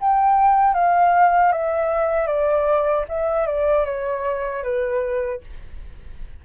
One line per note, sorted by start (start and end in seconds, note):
0.00 0.74 G5
0.74 1.52 F5
1.52 2.27 E5
2.27 3.05 D5
3.08 3.46 E5
3.46 3.85 D5
3.85 4.63 C#5
4.63 5.40 B4